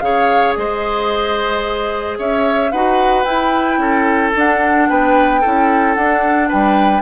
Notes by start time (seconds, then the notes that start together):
0.00 C#3 G#4 C#5 F5
0.56 G#3 C5 D#5
2.19 C#4 C#5 E5
2.72 D#4 F#4 B4 F#5
3.24 E4 G5
3.78 C#4 A4
4.36 D4 F#5
4.89 B3 B4 G5
5.41 C#4 E4 A4
5.95 D4 F#5
6.49 G3 B4 G5